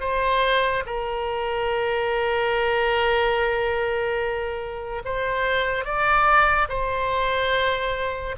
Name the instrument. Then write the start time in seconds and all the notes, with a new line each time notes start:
oboe
0.00 C5
0.86 A#4
5.05 C5
5.85 D5
6.69 C5